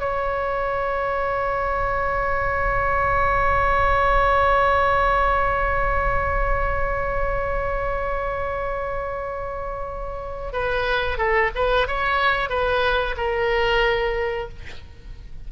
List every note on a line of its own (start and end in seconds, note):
0.00 10.53 C#5
10.53 11.18 B4
11.18 11.51 A4
11.55 11.87 B4
11.87 12.50 C#5
12.50 13.16 B4
13.17 14.49 A#4